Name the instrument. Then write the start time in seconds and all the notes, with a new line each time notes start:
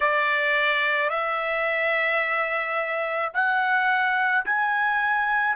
trumpet
0.00 D5
1.09 E5
3.33 F#5
4.45 G#5